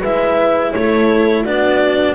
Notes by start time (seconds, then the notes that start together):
0.00 G#3 E4 B4 E5
0.72 A3 A4 C#5
1.42 B3 D4 F#4 D5